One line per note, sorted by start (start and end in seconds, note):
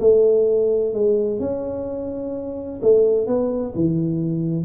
0.00 0.94 A3
0.94 1.40 G#3
1.40 2.80 C#4
2.82 3.27 A3
3.27 3.74 B3
3.75 4.65 E3